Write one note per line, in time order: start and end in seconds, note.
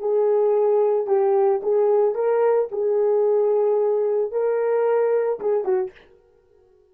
0.00 1.07 G#4
1.07 1.61 G4
1.63 2.15 G#4
2.15 2.69 A#4
2.72 4.32 G#4
4.32 5.40 A#4
5.41 5.65 G#4
5.65 5.92 F#4